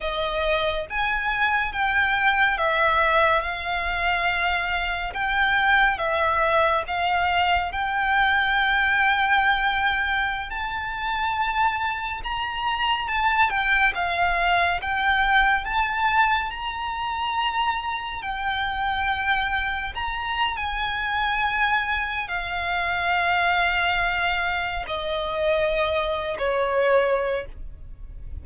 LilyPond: \new Staff \with { instrumentName = "violin" } { \time 4/4 \tempo 4 = 70 dis''4 gis''4 g''4 e''4 | f''2 g''4 e''4 | f''4 g''2.~ | g''16 a''2 ais''4 a''8 g''16~ |
g''16 f''4 g''4 a''4 ais''8.~ | ais''4~ ais''16 g''2 ais''8. | gis''2 f''2~ | f''4 dis''4.~ dis''16 cis''4~ cis''16 | }